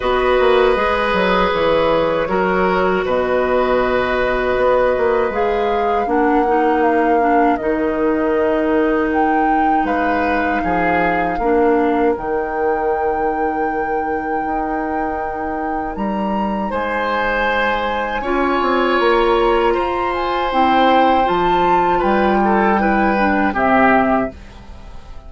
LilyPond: <<
  \new Staff \with { instrumentName = "flute" } { \time 4/4 \tempo 4 = 79 dis''2 cis''2 | dis''2. f''4 | fis''4 f''4 dis''2 | g''4 f''2. |
g''1~ | g''4 ais''4 gis''2~ | gis''4 ais''4. gis''8 g''4 | a''4 g''2 e''4 | }
  \new Staff \with { instrumentName = "oboe" } { \time 4/4 b'2. ais'4 | b'1 | ais'1~ | ais'4 b'4 gis'4 ais'4~ |
ais'1~ | ais'2 c''2 | cis''2 c''2~ | c''4 b'8 a'8 b'4 g'4 | }
  \new Staff \with { instrumentName = "clarinet" } { \time 4/4 fis'4 gis'2 fis'4~ | fis'2. gis'4 | d'8 dis'4 d'8 dis'2~ | dis'2. d'4 |
dis'1~ | dis'1 | f'2. e'4 | f'2 e'8 d'8 c'4 | }
  \new Staff \with { instrumentName = "bassoon" } { \time 4/4 b8 ais8 gis8 fis8 e4 fis4 | b,2 b8 ais8 gis4 | ais2 dis2~ | dis4 gis4 f4 ais4 |
dis2. dis'4~ | dis'4 g4 gis2 | cis'8 c'8 ais4 f'4 c'4 | f4 g2 c4 | }
>>